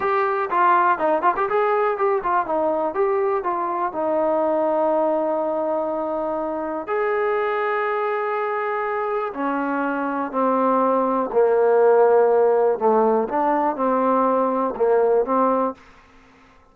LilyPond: \new Staff \with { instrumentName = "trombone" } { \time 4/4 \tempo 4 = 122 g'4 f'4 dis'8 f'16 g'16 gis'4 | g'8 f'8 dis'4 g'4 f'4 | dis'1~ | dis'2 gis'2~ |
gis'2. cis'4~ | cis'4 c'2 ais4~ | ais2 a4 d'4 | c'2 ais4 c'4 | }